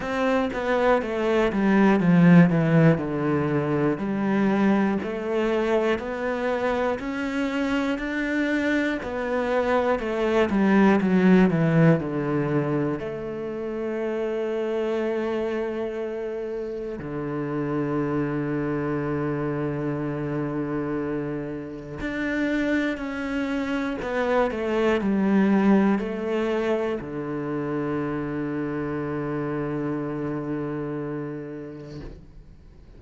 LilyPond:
\new Staff \with { instrumentName = "cello" } { \time 4/4 \tempo 4 = 60 c'8 b8 a8 g8 f8 e8 d4 | g4 a4 b4 cis'4 | d'4 b4 a8 g8 fis8 e8 | d4 a2.~ |
a4 d2.~ | d2 d'4 cis'4 | b8 a8 g4 a4 d4~ | d1 | }